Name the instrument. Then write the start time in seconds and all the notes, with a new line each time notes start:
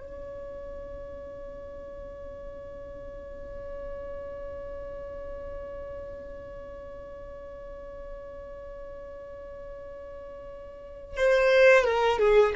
violin
0.00 C#5
11.16 C5
11.84 A#4
12.18 G#4